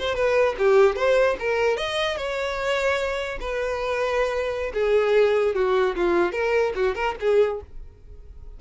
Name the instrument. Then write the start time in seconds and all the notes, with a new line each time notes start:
violin
0.00 C5
0.15 B4
0.59 G4
0.96 C5
1.40 A#4
1.78 D#5
2.17 C#5
3.41 B4
4.74 G#4
5.55 F#4
5.96 F4
6.33 A#4
6.76 F#4
6.95 A#4
7.21 G#4